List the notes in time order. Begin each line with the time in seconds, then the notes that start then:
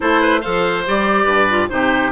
0.00 A3 E4 A4 C5
0.21 B4
0.41 F3 A4 C5 F5
0.86 G3 G4 D5
1.24 G2 B4
1.49 F4
1.69 C3 D#4 G4 C5